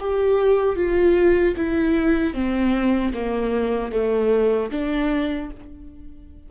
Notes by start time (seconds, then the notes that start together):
0.00 G4
0.76 F4
1.57 E4
2.34 C4
3.14 A#3
3.92 A3
4.72 D4